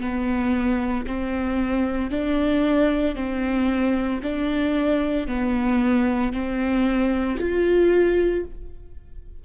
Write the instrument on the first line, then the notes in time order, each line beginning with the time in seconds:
viola
0.00 B3
1.06 C4
2.11 D4
3.15 C4
4.22 D4
5.27 B3
6.33 C4
7.39 F4